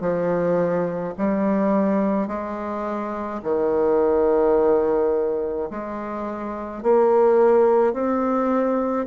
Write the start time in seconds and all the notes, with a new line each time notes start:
0.00 F3
1.18 G3
2.27 G#3
3.43 D#3
5.70 G#3
6.83 A#3
7.93 C4